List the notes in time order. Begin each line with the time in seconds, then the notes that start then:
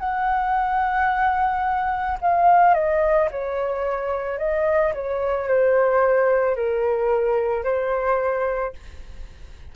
0.00 F#5
2.22 F5
2.75 D#5
3.32 C#5
4.39 D#5
4.94 C#5
5.48 C5
6.57 A#4
7.64 C5